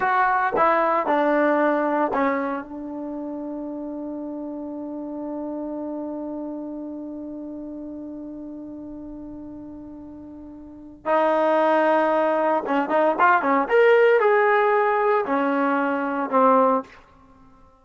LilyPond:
\new Staff \with { instrumentName = "trombone" } { \time 4/4 \tempo 4 = 114 fis'4 e'4 d'2 | cis'4 d'2.~ | d'1~ | d'1~ |
d'1~ | d'4 dis'2. | cis'8 dis'8 f'8 cis'8 ais'4 gis'4~ | gis'4 cis'2 c'4 | }